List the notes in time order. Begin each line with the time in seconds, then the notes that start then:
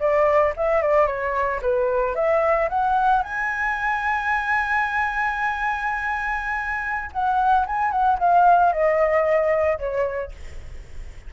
0.00 D5
0.56 E5
0.82 D5
1.07 C#5
1.62 B4
2.16 E5
2.69 F#5
3.23 G#5
7.12 F#5
7.67 G#5
7.92 F#5
8.19 F5
8.73 D#5
9.78 C#5